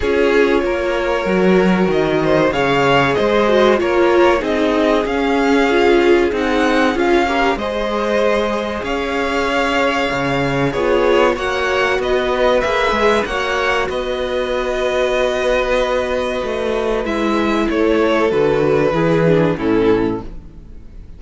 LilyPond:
<<
  \new Staff \with { instrumentName = "violin" } { \time 4/4 \tempo 4 = 95 cis''2. dis''4 | f''4 dis''4 cis''4 dis''4 | f''2 fis''4 f''4 | dis''2 f''2~ |
f''4 cis''4 fis''4 dis''4 | e''4 fis''4 dis''2~ | dis''2. e''4 | cis''4 b'2 a'4 | }
  \new Staff \with { instrumentName = "violin" } { \time 4/4 gis'4 ais'2~ ais'8 c''8 | cis''4 c''4 ais'4 gis'4~ | gis'2.~ gis'8 ais'8 | c''2 cis''2~ |
cis''4 gis'4 cis''4 b'4~ | b'4 cis''4 b'2~ | b'1 | a'2 gis'4 e'4 | }
  \new Staff \with { instrumentName = "viola" } { \time 4/4 f'2 fis'2 | gis'4. fis'8 f'4 dis'4 | cis'4 f'4 dis'4 f'8 g'8 | gis'1~ |
gis'4 f'4 fis'2 | gis'4 fis'2.~ | fis'2. e'4~ | e'4 fis'4 e'8 d'8 cis'4 | }
  \new Staff \with { instrumentName = "cello" } { \time 4/4 cis'4 ais4 fis4 dis4 | cis4 gis4 ais4 c'4 | cis'2 c'4 cis'4 | gis2 cis'2 |
cis4 b4 ais4 b4 | ais8 gis8 ais4 b2~ | b2 a4 gis4 | a4 d4 e4 a,4 | }
>>